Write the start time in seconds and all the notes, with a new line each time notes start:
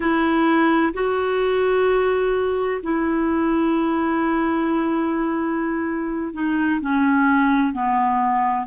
0.00 E4
0.93 F#4
2.83 E4
6.33 D#4
6.80 C#4
7.72 B3